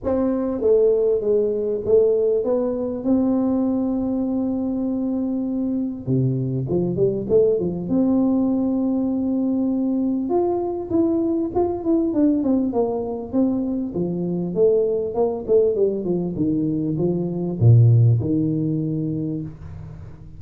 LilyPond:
\new Staff \with { instrumentName = "tuba" } { \time 4/4 \tempo 4 = 99 c'4 a4 gis4 a4 | b4 c'2.~ | c'2 c4 f8 g8 | a8 f8 c'2.~ |
c'4 f'4 e'4 f'8 e'8 | d'8 c'8 ais4 c'4 f4 | a4 ais8 a8 g8 f8 dis4 | f4 ais,4 dis2 | }